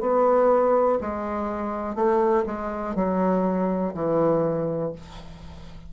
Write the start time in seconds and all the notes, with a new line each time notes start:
0.00 B3
1.01 G#3
1.95 A3
2.46 G#3
2.95 F#3
3.94 E3